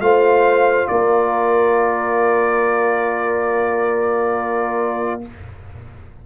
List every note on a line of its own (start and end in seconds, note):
0.00 0.87 A3
0.00 5.22 F4
0.00 0.90 C5
0.00 0.87 F5
0.87 5.24 A#3
0.87 5.26 A#4
0.87 5.22 D5